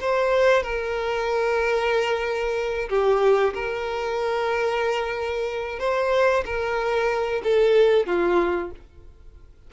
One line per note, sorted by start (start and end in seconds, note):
0.00 0.63 C5
0.63 2.89 A#4
2.89 3.53 G4
3.54 5.79 A#4
5.79 6.44 C5
6.45 7.42 A#4
7.43 8.06 A4
8.06 8.71 F4